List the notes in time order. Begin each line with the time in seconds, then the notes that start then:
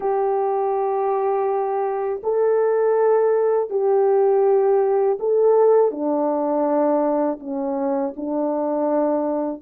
0.00 G4
2.23 A4
3.69 G4
5.19 A4
5.91 D4
7.39 C#4
8.16 D4